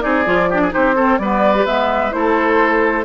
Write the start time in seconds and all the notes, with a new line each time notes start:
0.00 C4 D#4 G#4 D5
0.25 F3 F4
0.49 D4 G4
0.62 G#4
0.70 D#4 G4 C5
0.76 C4
0.95 C4 A4
1.18 G3 B3 B4 D5
1.55 G4
1.65 G#3 B3 E5
2.11 A3 E4 A4 C5